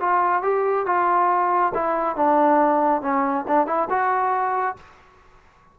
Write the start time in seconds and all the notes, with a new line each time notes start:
0.00 F4
0.42 G4
0.86 F4
1.75 E4
2.16 D4
3.02 C#4
3.48 D4
3.67 E4
3.90 F#4